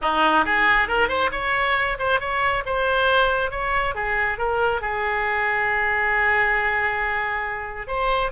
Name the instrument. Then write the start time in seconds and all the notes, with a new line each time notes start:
oboe
0.01 D#4
0.45 G#4
0.88 A#4
1.08 C5
1.31 C#5
1.98 C5
2.20 C#5
2.65 C5
3.50 C#5
3.95 G#4
4.38 A#4
4.81 G#4
7.87 C5